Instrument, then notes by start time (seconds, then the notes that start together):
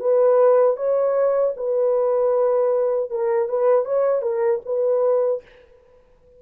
horn
0.00 B4
0.77 C#5
1.57 B4
3.10 A#4
3.49 B4
3.85 C#5
4.22 A#4
4.65 B4